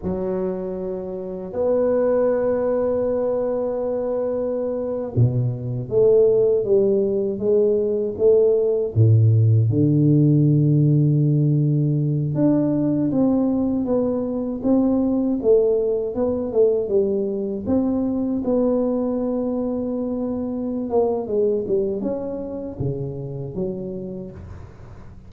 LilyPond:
\new Staff \with { instrumentName = "tuba" } { \time 4/4 \tempo 4 = 79 fis2 b2~ | b2~ b8. b,4 a16~ | a8. g4 gis4 a4 a,16~ | a,8. d2.~ d16~ |
d16 d'4 c'4 b4 c'8.~ | c'16 a4 b8 a8 g4 c'8.~ | c'16 b2.~ b16 ais8 | gis8 g8 cis'4 cis4 fis4 | }